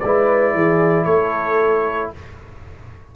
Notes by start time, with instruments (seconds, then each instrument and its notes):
0.00 tuba G#3, trombone E4, horn B4, trumpet D5
0.54 tuba E3, horn G#4
1.05 tuba A3, horn A4, trumpet C#5